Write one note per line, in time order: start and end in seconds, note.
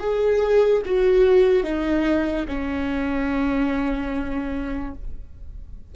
0.00 0.82 G#4
0.86 1.64 F#4
1.64 2.46 D#4
2.48 4.95 C#4